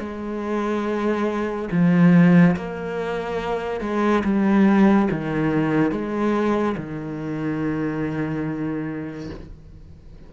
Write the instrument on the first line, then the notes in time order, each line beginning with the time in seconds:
cello
0.00 G#3
1.72 F3
2.57 A#3
3.81 G#3
4.24 G3
5.11 D#3
5.92 G#3
6.77 D#3